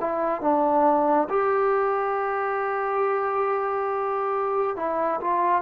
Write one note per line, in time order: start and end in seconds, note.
0.00 0.41 E4
0.41 1.28 D4
1.29 4.76 G4
4.76 5.20 E4
5.21 5.62 F4